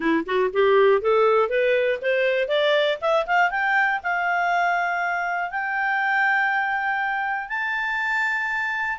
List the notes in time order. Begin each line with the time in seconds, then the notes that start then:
0.00 E4
0.25 F#4
0.53 G4
1.01 A4
1.49 B4
2.01 C5
2.48 D5
3.01 E5
3.26 F5
3.50 G5
4.02 F5
5.50 G5
7.48 A5